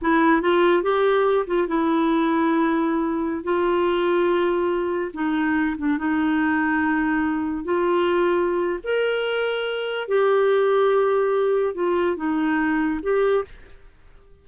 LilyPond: \new Staff \with { instrumentName = "clarinet" } { \time 4/4 \tempo 4 = 143 e'4 f'4 g'4. f'8 | e'1~ | e'16 f'2.~ f'8.~ | f'16 dis'4. d'8 dis'4.~ dis'16~ |
dis'2~ dis'16 f'4.~ f'16~ | f'4 ais'2. | g'1 | f'4 dis'2 g'4 | }